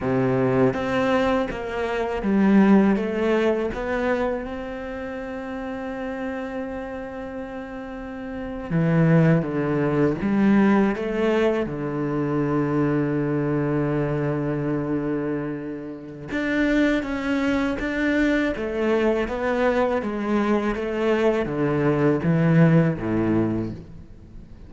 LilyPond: \new Staff \with { instrumentName = "cello" } { \time 4/4 \tempo 4 = 81 c4 c'4 ais4 g4 | a4 b4 c'2~ | c'2.~ c'8. e16~ | e8. d4 g4 a4 d16~ |
d1~ | d2 d'4 cis'4 | d'4 a4 b4 gis4 | a4 d4 e4 a,4 | }